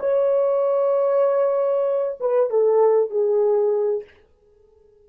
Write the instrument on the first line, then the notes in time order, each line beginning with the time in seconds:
horn
0.00 C#5
2.20 B4
2.50 A4
3.11 G#4